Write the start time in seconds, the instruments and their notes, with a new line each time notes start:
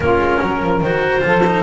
0.00 double bass A#3, cello C#4, saxophone F4, clarinet A#4
0.18 double bass G#3
0.40 double bass F#3, saxophone A#4
0.62 double bass F3
0.81 double bass D#3, cello F#4, clarinet C5
1.20 double bass F3, cello F4, saxophone A4
1.46 cello D#4